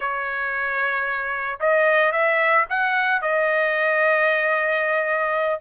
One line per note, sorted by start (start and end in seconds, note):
0.00 1.59 C#5
1.59 2.12 D#5
2.12 2.65 E5
2.69 3.21 F#5
3.21 5.60 D#5